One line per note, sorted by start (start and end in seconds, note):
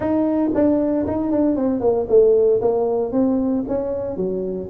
0.00 0.50 D#4
0.54 1.06 D4
1.06 1.31 D#4
1.31 1.56 D4
1.56 1.80 C4
1.80 2.06 A#3
2.08 2.60 A3
2.61 3.12 A#3
3.12 3.64 C4
3.68 4.16 C#4
4.16 4.68 F#3